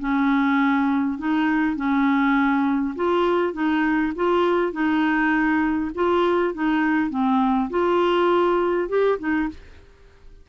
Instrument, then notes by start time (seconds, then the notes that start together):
clarinet
0.00 C#4
1.19 D#4
1.76 C#4
2.96 F4
3.53 D#4
4.16 F4
4.73 D#4
5.95 F4
6.54 D#4
7.10 C4
7.70 F4
8.89 G4
9.19 D#4